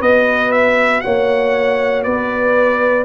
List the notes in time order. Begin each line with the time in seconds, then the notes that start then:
0.00 B3 F#4 B4 D#5
0.51 E5
1.00 A#3 C#5 F#5
2.03 B3 B4 D5